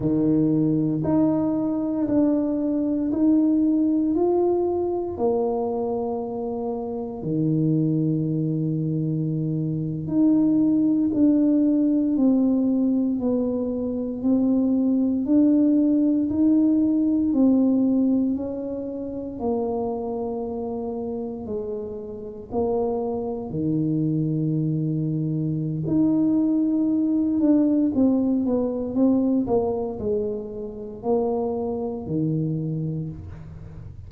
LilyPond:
\new Staff \with { instrumentName = "tuba" } { \time 4/4 \tempo 4 = 58 dis4 dis'4 d'4 dis'4 | f'4 ais2 dis4~ | dis4.~ dis16 dis'4 d'4 c'16~ | c'8. b4 c'4 d'4 dis'16~ |
dis'8. c'4 cis'4 ais4~ ais16~ | ais8. gis4 ais4 dis4~ dis16~ | dis4 dis'4. d'8 c'8 b8 | c'8 ais8 gis4 ais4 dis4 | }